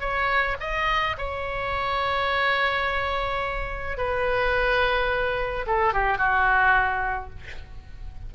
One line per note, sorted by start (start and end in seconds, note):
0.00 0.56 C#5
0.60 1.16 D#5
1.18 3.97 C#5
3.97 5.65 B4
5.66 5.93 A4
5.93 6.18 G4
6.18 7.30 F#4